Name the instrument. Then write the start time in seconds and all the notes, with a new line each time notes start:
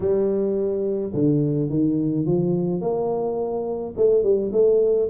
tuba
0.00 G3
1.14 D3
1.69 D#3
2.26 F3
2.81 A#3
3.96 A3
4.23 G3
4.52 A3